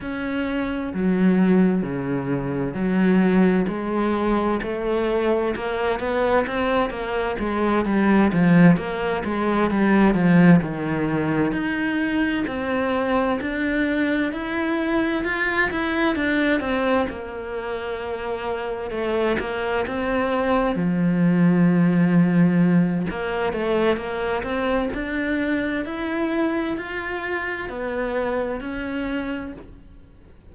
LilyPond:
\new Staff \with { instrumentName = "cello" } { \time 4/4 \tempo 4 = 65 cis'4 fis4 cis4 fis4 | gis4 a4 ais8 b8 c'8 ais8 | gis8 g8 f8 ais8 gis8 g8 f8 dis8~ | dis8 dis'4 c'4 d'4 e'8~ |
e'8 f'8 e'8 d'8 c'8 ais4.~ | ais8 a8 ais8 c'4 f4.~ | f4 ais8 a8 ais8 c'8 d'4 | e'4 f'4 b4 cis'4 | }